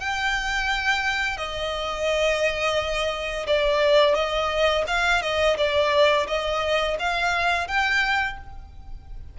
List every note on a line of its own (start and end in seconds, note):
0.00 1.37 G5
1.37 3.46 D#5
3.47 4.15 D5
4.15 4.85 D#5
4.87 5.22 F5
5.22 5.57 D#5
5.57 6.27 D5
6.27 6.97 D#5
6.99 7.67 F5
7.67 8.37 G5